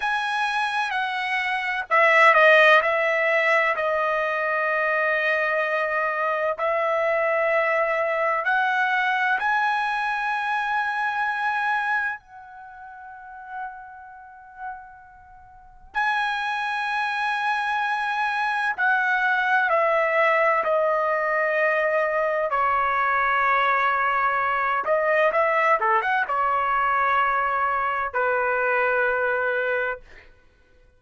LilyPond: \new Staff \with { instrumentName = "trumpet" } { \time 4/4 \tempo 4 = 64 gis''4 fis''4 e''8 dis''8 e''4 | dis''2. e''4~ | e''4 fis''4 gis''2~ | gis''4 fis''2.~ |
fis''4 gis''2. | fis''4 e''4 dis''2 | cis''2~ cis''8 dis''8 e''8 a'16 fis''16 | cis''2 b'2 | }